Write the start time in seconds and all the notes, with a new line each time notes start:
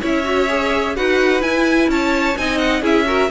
0.00 C#4 E4 C#5 E5
0.23 F#4
0.48 G#4
0.95 D#4 F#4 B4 F#5
1.40 E4 G#5
1.87 C#4 C#5 A5
2.36 C4 D#4 D#5 G#5
2.58 F#5
2.81 C#4 E4 G#4 E5
3.06 F#4 A#4